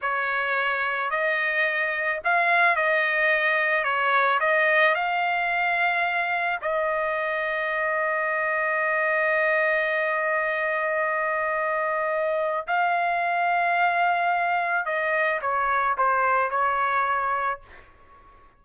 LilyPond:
\new Staff \with { instrumentName = "trumpet" } { \time 4/4 \tempo 4 = 109 cis''2 dis''2 | f''4 dis''2 cis''4 | dis''4 f''2. | dis''1~ |
dis''1~ | dis''2. f''4~ | f''2. dis''4 | cis''4 c''4 cis''2 | }